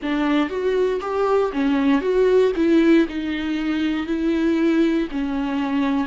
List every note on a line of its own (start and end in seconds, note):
0.02 0.49 D4
0.49 1.00 F#4
1.00 1.51 G4
1.53 2.01 C#4
2.01 2.51 F#4
2.56 3.06 E4
3.08 4.06 D#4
4.06 5.08 E4
5.11 6.07 C#4